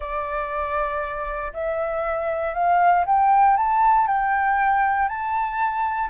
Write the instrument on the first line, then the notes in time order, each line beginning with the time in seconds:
flute
0.00 D5
1.53 E5
2.54 F5
3.05 G5
3.56 A5
4.07 G5
5.08 A5